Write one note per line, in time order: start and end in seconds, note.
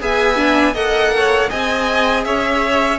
0.00 0.75 B3
0.00 0.36 G#4
0.00 0.73 E5
0.00 0.76 G#5
0.36 0.74 D4
0.73 1.50 A#3
0.73 1.49 A4
0.73 1.11 D#5
0.73 1.50 F#5
1.16 1.50 C#5
1.49 2.25 C4
1.49 2.99 G#4
1.49 2.25 D#5
1.49 2.24 G#5
2.24 2.99 C#4
2.24 2.99 C#5
2.24 2.99 E5